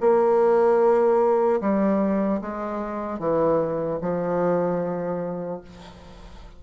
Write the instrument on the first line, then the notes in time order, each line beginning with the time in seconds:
bassoon
0.00 A#3
1.60 G3
2.41 G#3
3.19 E3
4.01 F3